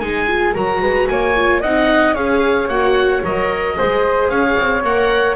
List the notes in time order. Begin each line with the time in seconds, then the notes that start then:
0.00 G#3 D#4 G#4 G#5
0.28 F4
0.53 F#3 F#4 A#4 A#5
0.82 G#3 B4
1.09 A#3 C#5 G#5
1.37 F4
1.61 C4 D#4 D#5 F#5
2.14 C#4 G#4 C#5 F5
2.68 A#3 F#4 F#5
3.24 F#3 A#4 D#5
3.76 G#3 G#4 C5
4.29 C#4 C#5 F5
4.59 C4
4.84 A#3 A#4 F#5